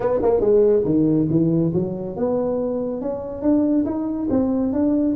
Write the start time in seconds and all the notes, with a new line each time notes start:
0.00 B3
0.22 A#3
0.40 G#3
0.85 D#3
1.30 E3
1.74 F#3
2.16 B3
3.01 C#4
3.42 D4
3.85 D#4
4.30 C4
4.72 D4